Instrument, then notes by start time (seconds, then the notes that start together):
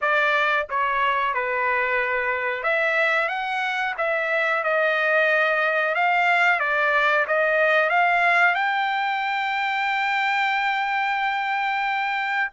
trumpet
0.01 D5
0.69 C#5
1.34 B4
2.63 E5
3.28 F#5
3.97 E5
4.63 D#5
5.94 F5
6.59 D5
7.27 D#5
7.89 F5
8.54 G5